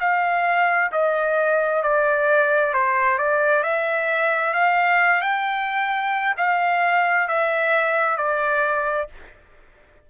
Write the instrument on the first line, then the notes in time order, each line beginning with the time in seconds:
trumpet
0.00 F5
0.92 D#5
1.83 D5
2.74 C5
3.19 D5
3.63 E5
4.53 F5
5.21 G5
6.37 F5
7.28 E5
8.17 D5